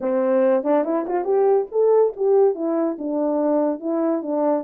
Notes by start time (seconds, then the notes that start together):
0.00 C4
0.63 D4
0.84 E4
1.07 F4
1.24 G4
1.71 A4
2.16 G4
2.54 E4
2.98 D4
3.80 E4
4.22 D4